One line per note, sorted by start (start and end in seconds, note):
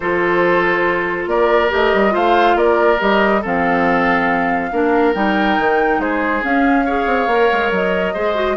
0.00 1.26 F3
0.00 1.69 F4
0.00 1.29 A4
0.00 1.25 C5
1.26 1.69 A#3
1.26 2.13 A#4
1.26 1.71 D5
1.69 1.93 A3
1.69 2.10 G4
1.69 2.15 D#5
1.93 2.15 G3
2.10 2.55 A3
2.10 2.96 F4
2.10 2.56 C5
2.10 2.57 F5
2.55 2.98 A#3
2.55 3.41 A#4
2.55 3.00 D5
2.99 3.44 G3
2.99 3.42 G4
2.99 3.43 D#5
3.41 4.72 F3
3.41 4.71 C4
3.41 4.70 A4
3.41 5.14 F5
4.71 5.15 A#3
4.71 5.14 D4
4.71 6.01 A#4
5.14 5.57 G3
5.14 6.42 D#4
5.14 6.00 G5
5.58 5.98 D#3
5.98 6.41 G#3
5.98 6.85 G#4
5.98 6.43 C5
6.42 6.85 C#4
6.42 7.06 C#4
6.42 7.72 F5
6.85 7.29 G#4
6.85 8.13 C#5
7.06 7.27 C4
7.27 7.48 A#3
7.27 8.14 A#4
7.52 7.71 G#3
7.71 8.14 F#3
7.71 8.56 D#5
8.13 8.56 G#3
8.13 8.35 G#4
8.13 8.56 C5
8.35 8.56 F#4